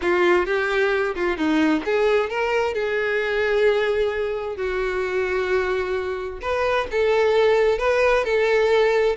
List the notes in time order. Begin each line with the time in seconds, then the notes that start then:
0.01 F4
0.46 G4
1.15 F4
1.37 D#4
1.85 G#4
2.29 A#4
2.74 G#4
4.56 F#4
6.41 B4
6.91 A4
7.78 B4
8.24 A4